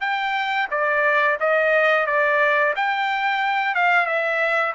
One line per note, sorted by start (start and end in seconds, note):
0.00 0.67 G5
0.70 1.38 D5
1.40 2.06 D#5
2.06 2.74 D5
2.75 3.75 G5
3.75 4.06 F5
4.06 4.73 E5